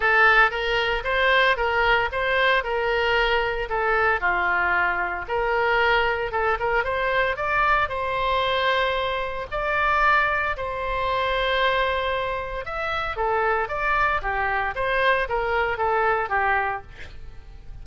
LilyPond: \new Staff \with { instrumentName = "oboe" } { \time 4/4 \tempo 4 = 114 a'4 ais'4 c''4 ais'4 | c''4 ais'2 a'4 | f'2 ais'2 | a'8 ais'8 c''4 d''4 c''4~ |
c''2 d''2 | c''1 | e''4 a'4 d''4 g'4 | c''4 ais'4 a'4 g'4 | }